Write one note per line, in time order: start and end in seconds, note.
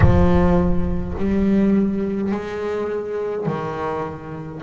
0.00 1.14 F3
1.17 2.31 G3
2.31 3.46 G#3
3.46 4.61 D#3